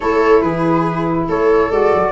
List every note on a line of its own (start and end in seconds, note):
0.00 0.41 A3
0.00 1.70 E4
0.00 0.42 A4
0.00 0.41 C#5
0.41 1.27 E3
0.41 1.27 G#4
0.41 1.26 B4
1.28 1.70 A3
1.28 2.11 A4
1.28 1.70 C#5
1.70 1.92 G#3
1.70 2.11 F#4
1.70 2.11 D5
1.93 2.11 F#3